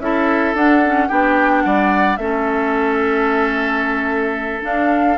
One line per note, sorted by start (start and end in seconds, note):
0.00 0.55 C#4
0.00 0.57 E4
0.00 1.09 A4
0.00 0.55 E5
0.55 1.09 D4
0.55 0.84 D4
0.55 1.09 F#5
0.85 1.10 C#4
1.09 1.65 B3
1.09 2.19 D4
1.09 1.63 G4
1.09 1.62 G5
1.62 2.18 G3
1.62 2.20 D5
1.62 2.16 F#5
2.17 4.64 A3
2.17 4.62 C#4
2.17 5.19 A4
2.17 4.62 E5
4.62 5.17 D4
4.62 5.18 D4
4.62 5.19 F5